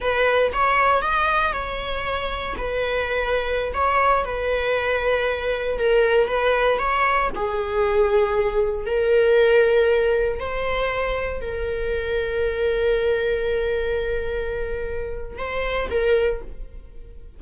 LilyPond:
\new Staff \with { instrumentName = "viola" } { \time 4/4 \tempo 4 = 117 b'4 cis''4 dis''4 cis''4~ | cis''4 b'2~ b'16 cis''8.~ | cis''16 b'2. ais'8.~ | ais'16 b'4 cis''4 gis'4.~ gis'16~ |
gis'4~ gis'16 ais'2~ ais'8.~ | ais'16 c''2 ais'4.~ ais'16~ | ais'1~ | ais'2 c''4 ais'4 | }